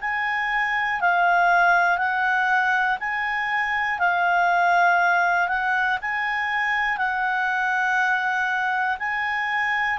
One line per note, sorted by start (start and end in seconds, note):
0.00 1.00 G#5
1.00 1.98 F5
1.98 2.98 F#5
3.00 3.99 G#5
3.99 5.48 F5
5.48 5.98 F#5
6.01 6.97 G#5
6.97 8.97 F#5
8.99 9.99 G#5